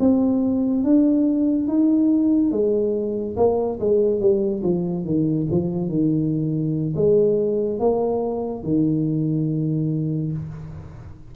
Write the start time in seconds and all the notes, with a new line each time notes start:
0.00 C4
0.84 D4
1.68 D#4
2.52 G#3
3.37 A#3
3.80 G#3
4.21 G3
4.63 F3
5.05 D#3
5.51 F3
5.89 D#3
6.96 G#3
7.80 A#3
8.64 D#3